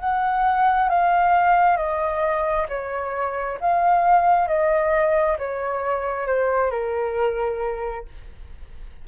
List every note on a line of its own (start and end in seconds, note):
0.00 0.90 F#5
0.90 1.77 F5
1.77 2.67 D#5
2.69 3.59 C#5
3.61 4.48 F5
4.48 5.37 D#5
5.39 6.27 C#5
6.27 6.71 C5
6.71 8.06 A#4